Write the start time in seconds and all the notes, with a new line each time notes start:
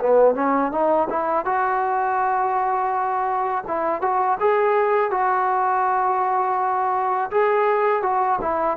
0.00 B3
0.35 C#4
0.72 D#4
1.10 E4
1.45 F#4
3.67 E4
4.02 F#4
4.40 G#4
5.11 F#4
7.31 G#4
8.03 F#4
8.41 E4